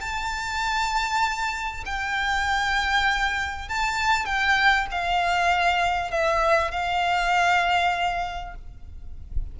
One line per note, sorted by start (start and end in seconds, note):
0.00 1.84 A5
1.85 3.68 G5
3.68 4.25 A5
4.25 4.86 G5
4.91 6.10 F5
6.10 6.71 E5
6.71 8.54 F5